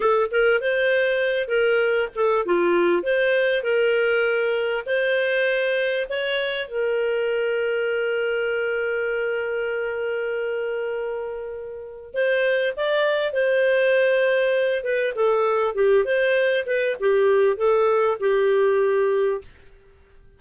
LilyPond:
\new Staff \with { instrumentName = "clarinet" } { \time 4/4 \tempo 4 = 99 a'8 ais'8 c''4. ais'4 a'8 | f'4 c''4 ais'2 | c''2 cis''4 ais'4~ | ais'1~ |
ais'1 | c''4 d''4 c''2~ | c''8 b'8 a'4 g'8 c''4 b'8 | g'4 a'4 g'2 | }